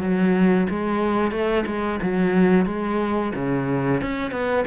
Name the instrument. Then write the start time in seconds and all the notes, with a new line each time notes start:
cello
0.00 F#3
0.70 G#3
1.31 A3
1.66 G#3
2.02 F#3
2.66 G#3
3.35 C#3
4.01 C#4
4.31 B3